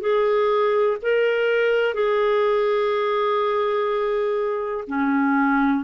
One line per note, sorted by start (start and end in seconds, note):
0.00 0.97 G#4
1.02 1.94 A#4
1.94 4.84 G#4
4.87 5.83 C#4